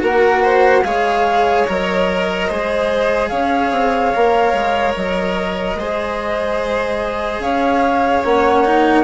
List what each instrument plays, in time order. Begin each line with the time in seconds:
0.00 bassoon A#3, cello F#4, violin A#4, flute F#5
0.43 violin C5
0.84 bassoon G#3, cello G#4, violin C#5, flute F5
1.68 bassoon F#3, cello A#4, flute D#5
2.48 bassoon G#3, cello G#4, violin C5
3.29 bassoon C#4, violin C#5, flute F5
3.72 bassoon C4
4.15 bassoon A#3, cello A#4
4.54 bassoon G#3
4.96 bassoon F#3, flute D#5
5.75 bassoon G#3, cello G#4, violin C5
7.39 bassoon C#4, violin C#5, flute F5
8.24 bassoon A#3, cello C#4, flute F#5
8.65 cello D#4